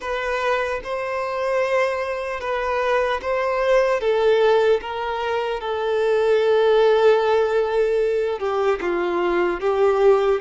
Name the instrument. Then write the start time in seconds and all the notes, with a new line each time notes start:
violin
0.00 B4
0.83 C5
2.40 B4
3.21 C5
4.00 A4
4.81 A#4
5.60 A4
8.39 G4
8.81 F4
9.60 G4